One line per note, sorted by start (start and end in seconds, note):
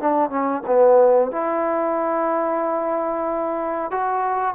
0.00 0.30 D4
0.30 0.62 C#4
0.67 1.31 B3
1.31 3.91 E4
3.91 4.55 F#4